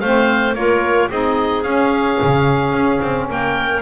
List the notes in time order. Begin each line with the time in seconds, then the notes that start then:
0.00 A3 C4 C5 F5
0.55 A#3 F4 A#4 C#5
1.10 C4 D#4 G#4 D#5
1.63 C#4 F5
2.22 C#3
2.72 C#4
3.02 C4
3.30 A#3 A#4 G5